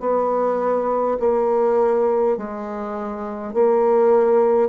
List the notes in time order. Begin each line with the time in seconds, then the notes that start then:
0.00 B3
1.19 A#3
2.37 G#3
3.53 A#3